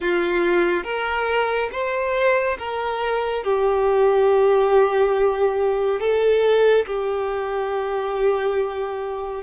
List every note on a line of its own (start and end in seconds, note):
0.00 0.83 F4
0.83 1.69 A#4
1.71 2.57 C5
2.58 3.43 A#4
3.43 6.00 G4
6.00 6.85 A4
6.86 9.43 G4